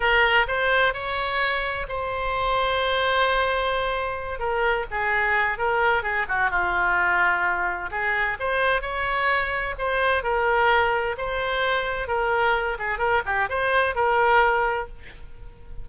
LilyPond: \new Staff \with { instrumentName = "oboe" } { \time 4/4 \tempo 4 = 129 ais'4 c''4 cis''2 | c''1~ | c''4. ais'4 gis'4. | ais'4 gis'8 fis'8 f'2~ |
f'4 gis'4 c''4 cis''4~ | cis''4 c''4 ais'2 | c''2 ais'4. gis'8 | ais'8 g'8 c''4 ais'2 | }